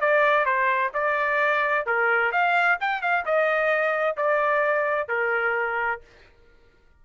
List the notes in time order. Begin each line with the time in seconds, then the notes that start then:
0.00 D5
0.45 C5
0.94 D5
1.86 A#4
2.32 F5
2.80 G5
3.01 F5
3.25 D#5
4.16 D5
5.08 A#4